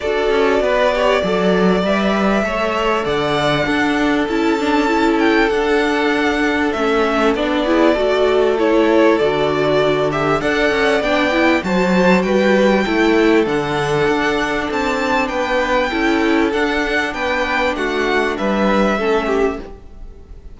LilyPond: <<
  \new Staff \with { instrumentName = "violin" } { \time 4/4 \tempo 4 = 98 d''2. e''4~ | e''4 fis''2 a''4~ | a''8 g''8 fis''2 e''4 | d''2 cis''4 d''4~ |
d''8 e''8 fis''4 g''4 a''4 | g''2 fis''2 | a''4 g''2 fis''4 | g''4 fis''4 e''2 | }
  \new Staff \with { instrumentName = "violin" } { \time 4/4 a'4 b'8 cis''8 d''2 | cis''4 d''4 a'2~ | a'1~ | a'8 gis'8 a'2.~ |
a'4 d''2 c''4 | b'4 a'2.~ | a'4 b'4 a'2 | b'4 fis'4 b'4 a'8 g'8 | }
  \new Staff \with { instrumentName = "viola" } { \time 4/4 fis'4. g'8 a'4 b'4 | a'2 d'4 e'8 d'8 | e'4 d'2 cis'4 | d'8 e'8 fis'4 e'4 fis'4~ |
fis'8 g'8 a'4 d'8 e'8 fis'4~ | fis'4 e'4 d'2~ | d'2 e'4 d'4~ | d'2. cis'4 | }
  \new Staff \with { instrumentName = "cello" } { \time 4/4 d'8 cis'8 b4 fis4 g4 | a4 d4 d'4 cis'4~ | cis'4 d'2 a4 | b4 a2 d4~ |
d4 d'8 cis'8 b4 fis4 | g4 a4 d4 d'4 | c'4 b4 cis'4 d'4 | b4 a4 g4 a4 | }
>>